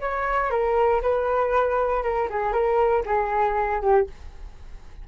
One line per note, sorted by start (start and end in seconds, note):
0.00 0.50 C#5
0.50 1.01 A#4
1.02 2.03 B4
2.03 2.28 A#4
2.30 2.52 G#4
2.52 3.03 A#4
3.06 3.81 G#4
3.81 4.07 G4